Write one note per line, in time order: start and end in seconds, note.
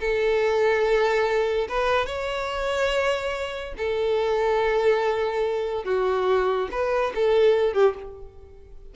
0.00 1.68 A4
1.68 2.06 B4
2.06 3.74 C#5
3.77 5.85 A4
5.85 6.69 F#4
6.71 7.13 B4
7.15 7.74 A4
7.74 7.95 G4